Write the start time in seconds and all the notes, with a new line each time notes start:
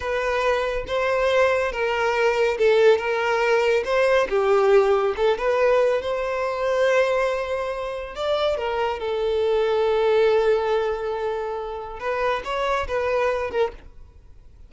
0.00 B4
0.87 C5
1.71 A#4
2.58 A4
2.97 A#4
3.84 C5
4.29 G4
5.16 A4
5.37 B4
6.01 C5
8.15 D5
8.57 A#4
8.99 A4
11.99 B4
12.44 C#5
12.87 B4
13.50 A#4